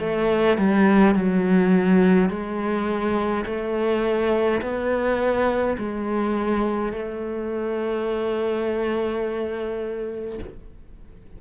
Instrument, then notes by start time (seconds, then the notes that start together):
cello
0.00 A3
0.58 G3
1.15 F#3
2.30 G#3
3.46 A3
4.62 B3
5.78 G#3
6.93 A3